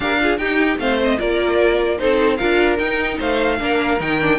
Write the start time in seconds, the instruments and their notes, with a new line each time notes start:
0.00 cello D4, viola G4, violin A#4 F5
0.20 viola F4, violin G#4
0.38 cello D#4, viola D#4, violin G4 G5
0.78 cello A3, viola C4, violin C5 F5
1.04 violin D#5
1.18 cello A#3, viola F4, violin A#4 D5
1.98 cello C4, viola D#4, violin A4 C5
2.36 cello D4, viola F4, violin A#4 F5
2.79 cello D#4, viola D#4, violin G5
3.18 cello A3, violin C5 F5
3.58 cello A#3, viola D4, violin A#4
4.00 cello D#3, viola D#4, violin G5
4.20 viola D4